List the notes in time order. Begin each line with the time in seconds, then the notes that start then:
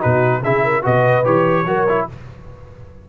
0.00 B2 D#4 F#4 B4
0.42 C#3 E4 G#4 E5
0.64 A#4
0.82 B2 F#4 B4 D#5
1.25 E3 G4 C#5
1.65 F#3 F#4 A#4
1.88 E4